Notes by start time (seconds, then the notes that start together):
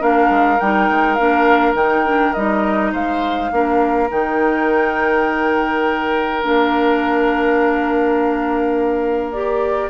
0.00 A#3 D4 A#4 F5
0.29 G#3
0.60 G3 D#4 G5
0.89 G#3
1.14 A#3 D4 F5
1.74 D#3 D#4 G5
2.05 D4
2.33 G3 D#4 D#5
2.92 G#3 C5 F5
3.51 A#3 D4 A#4
4.09 D#3 D#4 G5
6.42 A#3 D4 F5
9.32 G4 D5